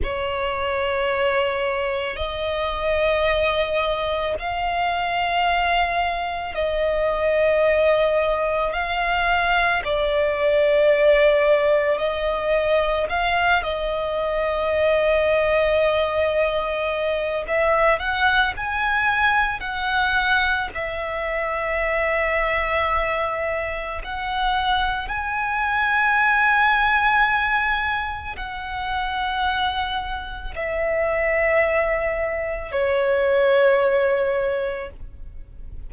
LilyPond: \new Staff \with { instrumentName = "violin" } { \time 4/4 \tempo 4 = 55 cis''2 dis''2 | f''2 dis''2 | f''4 d''2 dis''4 | f''8 dis''2.~ dis''8 |
e''8 fis''8 gis''4 fis''4 e''4~ | e''2 fis''4 gis''4~ | gis''2 fis''2 | e''2 cis''2 | }